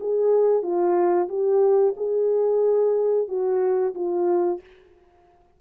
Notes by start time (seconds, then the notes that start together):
0.00 G#4
0.62 F4
1.28 G4
1.97 G#4
3.28 F#4
3.94 F4